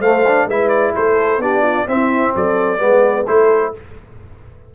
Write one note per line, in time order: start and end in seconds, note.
0.00 0.47 A3
0.00 0.25 A3
0.00 0.47 C5
0.00 0.48 F5
0.28 0.50 D4
0.47 0.93 G#3
0.47 1.41 E4
0.47 0.93 B4
0.47 0.69 E5
0.69 0.92 D5
0.96 1.38 A3
0.96 1.42 A4
0.96 1.42 C5
1.38 1.85 B3
1.38 1.87 D4
1.38 1.62 G4
1.38 1.88 D5
1.62 1.86 F4
1.87 2.78 C4
1.87 2.34 C4
1.87 2.35 E4
1.87 2.35 E5
2.35 2.81 F#3
2.35 2.81 A4
2.35 3.27 D5
2.78 3.27 G#3
2.78 3.25 B3
2.78 3.28 B4
3.27 3.75 A3
3.27 3.74 E4
3.27 3.75 A4
3.27 3.74 C5